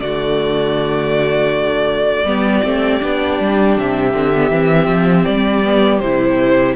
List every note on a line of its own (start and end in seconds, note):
0.00 2.24 D3
0.00 2.26 A3
0.00 2.26 F#4
0.00 3.75 D5
2.24 2.61 G3
2.24 2.63 B3
2.24 6.76 G4
2.63 3.01 A3
2.63 3.00 C4
3.00 3.39 B3
3.00 4.12 D4
3.39 3.77 G3
3.77 4.13 C3
3.77 5.25 E5
4.13 4.50 D3
4.13 4.32 C4
4.35 4.51 B3
4.50 4.87 E3
4.50 5.63 C4
4.87 5.24 F3
5.25 6.00 G3
5.25 5.99 D5
5.63 6.01 B3
5.99 6.75 C3
5.99 6.76 E4
5.99 6.74 C5